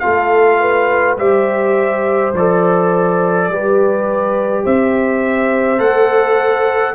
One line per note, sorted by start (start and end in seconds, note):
0.00 1.18 F4
0.00 0.61 A4
0.00 1.15 F5
0.06 1.18 A3
0.61 1.19 B4
1.18 2.33 G3
1.18 2.34 G4
1.18 3.49 C5
1.18 2.34 E5
2.34 3.49 F3
2.34 3.52 A4
2.34 4.66 D5
3.49 4.65 G3
3.49 5.78 G4
3.49 4.64 B4
4.64 5.80 C4
4.64 6.95 C5
4.64 5.80 E5
5.78 6.95 A3
5.78 6.94 A4
5.78 6.96 F#5